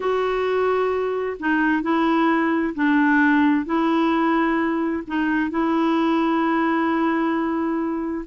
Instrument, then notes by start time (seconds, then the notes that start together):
clarinet
0.00 F#4
1.39 D#4
1.82 E4
2.74 D4
3.65 E4
5.07 D#4
5.50 E4